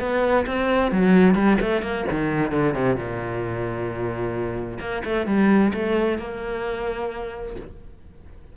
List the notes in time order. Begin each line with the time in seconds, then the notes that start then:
0.00 B3
0.47 C4
0.92 F#3
1.35 G3
1.61 A3
1.82 A#3
2.11 D#3
2.52 D3
2.74 C3
2.96 A#2
4.80 A#3
5.04 A3
5.27 G3
5.74 A3
6.19 A#3